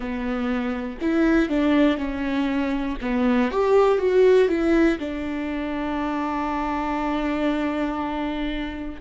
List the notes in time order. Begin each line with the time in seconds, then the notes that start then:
0.00 B3
1.01 E4
1.49 D4
1.97 C#4
3.00 B3
3.51 G4
3.98 F#4
4.48 E4
4.99 D4